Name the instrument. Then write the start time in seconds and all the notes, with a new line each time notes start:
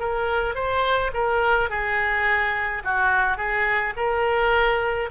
oboe
0.00 A#4
0.55 C5
1.14 A#4
1.70 G#4
2.84 F#4
3.37 G#4
3.97 A#4